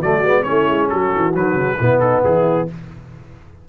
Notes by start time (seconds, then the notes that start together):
0.00 F#3 A3 F#4 D5
0.23 G#3 B3
0.42 C#4 E4 C#5
0.49 A3
0.68 G#3
0.89 F#3 F#4 A4
1.16 E3
1.34 D#3 F#3 B4
1.54 C#3
1.79 B2 B3 E4
1.99 D#4 A4
2.22 E3 E4 G#4